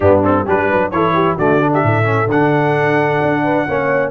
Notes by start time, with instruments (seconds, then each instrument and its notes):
0.00 tuba G2, trombone B3, horn D4, trumpet G4
0.23 trombone C4, trumpet A4
0.44 tuba G3, trombone D4, horn G4, trumpet B4
0.69 tuba F#3, horn B4
0.90 tuba E3, trombone E4, horn A4, trumpet C#5
1.14 horn G4
1.35 tuba D3, trombone A3, horn F#4, trumpet D5
1.61 trombone D4
1.72 horn G4, trumpet E5
1.83 tuba A2, horn A4
2.03 trombone C#4
2.27 tuba D3, trombone D4, trumpet F#5
3.22 tuba D4
3.43 horn B4
3.67 tuba A#3, trombone C#4, horn C#5